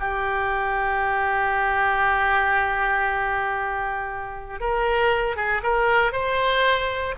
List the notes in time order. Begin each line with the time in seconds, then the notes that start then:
0.00 G4
4.61 A#4
5.36 G#4
5.63 A#4
6.12 C5